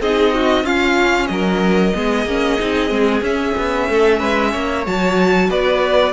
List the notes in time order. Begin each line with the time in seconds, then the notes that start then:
0.00 C4 D#4 G#4 D#5
0.34 F#4
0.63 C#4 F4 F5
1.27 F#3 A#4 D#5
1.94 G#3 B3 G#4
2.25 A#3 C#4
2.59 C4 D#4
2.89 G#3 C4
3.21 C#4 E5
3.58 B3
3.89 A3 A4
4.18 G#3 B4
4.51 A#3 C#5
4.86 F#3 F#4 A5
5.49 B3 B4 D5